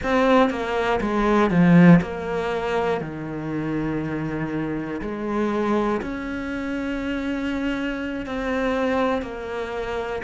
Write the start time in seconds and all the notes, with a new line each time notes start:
0.03 C4
0.50 A#3
1.00 G#3
1.50 F3
2.01 A#3
3.00 D#3
5.01 G#3
6.01 C#4
8.25 C4
9.22 A#3